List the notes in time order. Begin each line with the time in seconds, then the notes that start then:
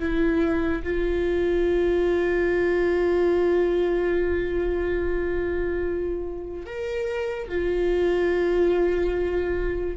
0.00 E4
0.84 F4
6.66 A#4
7.49 F4